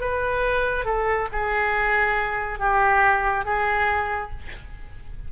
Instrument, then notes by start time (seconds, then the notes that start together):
oboe
0.00 B4
0.85 A4
1.32 G#4
2.59 G4
3.45 G#4